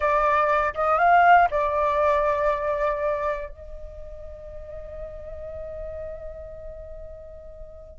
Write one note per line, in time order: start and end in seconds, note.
0.00 0.74 D5
0.74 0.98 D#5
0.98 1.48 F5
1.50 3.49 D5
3.49 7.99 D#5